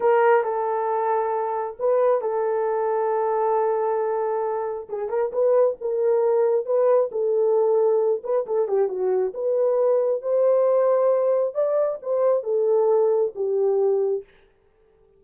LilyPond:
\new Staff \with { instrumentName = "horn" } { \time 4/4 \tempo 4 = 135 ais'4 a'2. | b'4 a'2.~ | a'2. gis'8 ais'8 | b'4 ais'2 b'4 |
a'2~ a'8 b'8 a'8 g'8 | fis'4 b'2 c''4~ | c''2 d''4 c''4 | a'2 g'2 | }